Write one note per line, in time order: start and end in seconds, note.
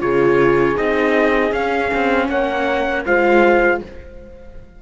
0.00 0.78 C#3
0.00 0.76 F4
0.00 2.30 G#4
0.00 0.77 C#5
0.76 1.52 C4
0.76 1.52 D#4
0.76 1.53 D#5
1.52 1.90 C#4
1.52 3.06 C#4
1.52 2.29 F5
1.94 2.29 C4
2.29 3.05 A#3
2.29 3.06 C#5
2.29 3.06 F#5
3.06 3.82 G#3
3.06 3.82 F4
3.06 3.83 C5
3.06 3.82 F5